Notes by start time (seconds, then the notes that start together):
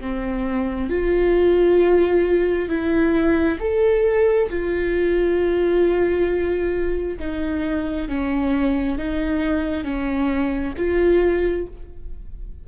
0.00 C4
0.90 F4
2.69 E4
3.60 A4
4.50 F4
7.19 D#4
8.08 C#4
8.98 D#4
9.84 C#4
10.77 F4